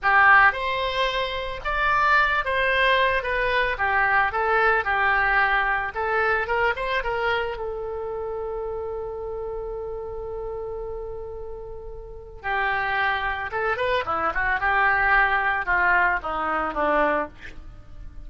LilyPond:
\new Staff \with { instrumentName = "oboe" } { \time 4/4 \tempo 4 = 111 g'4 c''2 d''4~ | d''8 c''4. b'4 g'4 | a'4 g'2 a'4 | ais'8 c''8 ais'4 a'2~ |
a'1~ | a'2. g'4~ | g'4 a'8 b'8 e'8 fis'8 g'4~ | g'4 f'4 dis'4 d'4 | }